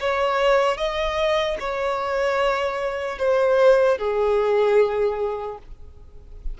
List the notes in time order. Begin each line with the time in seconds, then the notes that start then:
0.00 C#5
0.77 D#5
1.59 C#5
3.18 C5
3.98 G#4